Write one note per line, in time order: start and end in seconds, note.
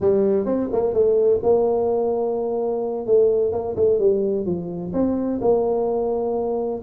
0.00 0.45 G3
0.45 0.69 C4
0.72 0.93 A#3
0.93 1.40 A3
1.43 3.06 A#3
3.06 3.52 A3
3.52 3.75 A#3
3.76 3.99 A3
3.99 4.45 G3
4.45 4.92 F3
4.93 5.40 C4
5.41 6.81 A#3